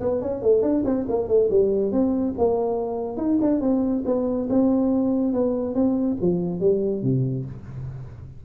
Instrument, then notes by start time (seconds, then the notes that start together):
tuba
0.00 B3
0.21 C#4
0.42 A3
0.62 D4
0.85 C4
1.09 A#3
1.27 A3
1.50 G3
1.91 C4
2.38 A#3
3.17 D#4
3.41 D4
3.61 C4
4.05 B3
4.49 C4
5.33 B3
5.74 C4
6.21 F3
6.60 G3
7.02 C3